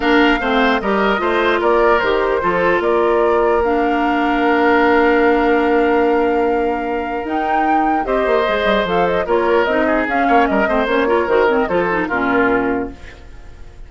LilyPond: <<
  \new Staff \with { instrumentName = "flute" } { \time 4/4 \tempo 4 = 149 f''2 dis''2 | d''4 c''2 d''4~ | d''4 f''2.~ | f''1~ |
f''2 g''2 | dis''2 f''8 dis''8 cis''4 | dis''4 f''4 dis''4 cis''4 | c''8 cis''16 dis''16 c''4 ais'2 | }
  \new Staff \with { instrumentName = "oboe" } { \time 4/4 ais'4 c''4 ais'4 c''4 | ais'2 a'4 ais'4~ | ais'1~ | ais'1~ |
ais'1 | c''2. ais'4~ | ais'8 gis'4 cis''8 ais'8 c''4 ais'8~ | ais'4 a'4 f'2 | }
  \new Staff \with { instrumentName = "clarinet" } { \time 4/4 d'4 c'4 g'4 f'4~ | f'4 g'4 f'2~ | f'4 d'2.~ | d'1~ |
d'2 dis'2 | g'4 gis'4 a'4 f'4 | dis'4 cis'4. c'8 cis'8 f'8 | fis'8 c'8 f'8 dis'8 cis'2 | }
  \new Staff \with { instrumentName = "bassoon" } { \time 4/4 ais4 a4 g4 a4 | ais4 dis4 f4 ais4~ | ais1~ | ais1~ |
ais2 dis'2 | c'8 ais8 gis8 g8 f4 ais4 | c'4 cis'8 ais8 g8 a8 ais4 | dis4 f4 ais,2 | }
>>